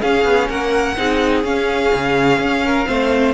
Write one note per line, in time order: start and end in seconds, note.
0.00 0.95 C#4
0.00 0.24 C#4
0.00 0.49 G#4
0.00 0.49 F5
0.24 0.48 B3
0.49 0.97 A#3
0.49 0.97 A#4
0.49 1.45 F#5
0.97 1.44 C4
0.97 1.44 D#4
0.97 2.65 G#4
1.44 1.92 C#4
1.44 2.86 C#4
1.44 3.33 F5
1.94 2.39 C#3
2.39 2.86 C#4
2.65 2.88 A#4
2.86 3.33 A3
2.86 3.33 C4
2.86 3.33 C5